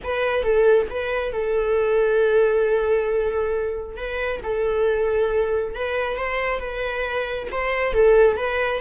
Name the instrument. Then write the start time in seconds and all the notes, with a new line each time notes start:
viola
0.03 B4
0.43 A4
0.90 B4
1.32 A4
3.96 B4
4.43 A4
5.75 B4
6.16 C5
6.59 B4
7.51 C5
7.93 A4
8.36 B4